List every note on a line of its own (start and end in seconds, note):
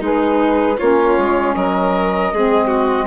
0.00 0.77 G#3
0.00 0.77 D#4
0.00 0.77 G#4
0.00 0.78 B4
0.78 1.17 A#3
0.78 2.32 C#4
0.78 1.55 F4
0.78 1.54 C#5
1.17 1.55 G#3
1.54 2.32 F#3
1.54 2.33 A#4
1.54 3.07 D#5
2.33 3.07 G#3
2.33 3.07 C4
2.33 2.67 G#4
2.67 3.05 F#4